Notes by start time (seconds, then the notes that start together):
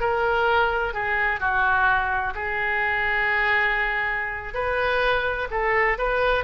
0.00 A#4
0.94 G#4
1.40 F#4
2.35 G#4
4.54 B4
5.51 A4
5.98 B4